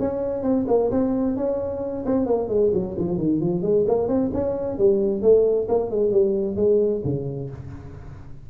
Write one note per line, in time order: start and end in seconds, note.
0.00 0.43 C#4
0.43 0.66 C4
0.68 0.91 A#3
0.91 1.37 C4
1.37 2.05 C#4
2.06 2.26 C4
2.26 2.49 A#3
2.49 2.71 G#3
2.74 2.97 F#3
2.98 3.18 F3
3.18 3.40 D#3
3.40 3.62 F3
3.62 3.85 G#3
3.87 4.08 A#3
4.08 4.31 C4
4.34 4.78 C#4
4.78 5.22 G3
5.22 5.68 A3
5.69 5.91 A#3
5.91 6.12 G#3
6.12 6.56 G3
6.56 7.02 G#3
7.05 7.50 C#3